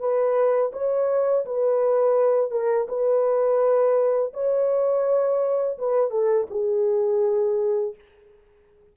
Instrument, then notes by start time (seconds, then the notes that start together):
horn
0.00 B4
0.73 C#5
1.46 B4
2.51 A#4
2.88 B4
4.34 C#5
5.79 B4
6.11 A4
6.51 G#4